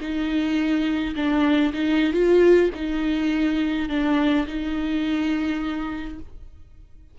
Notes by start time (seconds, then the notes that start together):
0.00 D#4
1.15 D4
1.73 D#4
2.12 F4
2.74 D#4
3.89 D4
4.47 D#4